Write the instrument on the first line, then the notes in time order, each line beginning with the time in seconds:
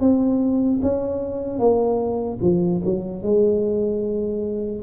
tuba
0.00 C4
0.82 C#4
1.59 A#3
2.41 F3
2.84 F#3
3.23 G#3